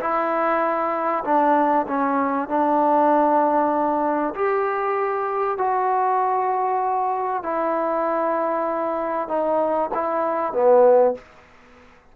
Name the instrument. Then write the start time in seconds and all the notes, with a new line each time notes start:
trombone
0.00 E4
1.24 D4
1.87 C#4
2.49 D4
4.34 G4
5.58 F#4
7.43 E4
9.28 D#4
9.94 E4
10.53 B3